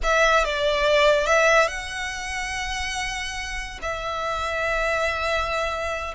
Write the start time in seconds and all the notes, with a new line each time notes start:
0.03 E5
0.44 D5
1.26 E5
1.68 F#5
3.81 E5